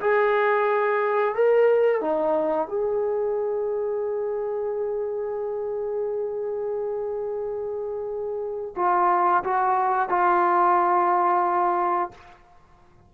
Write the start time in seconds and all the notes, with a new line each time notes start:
0.00 G#4
1.35 A#4
2.01 D#4
2.68 G#4
8.76 F4
9.44 F#4
10.09 F4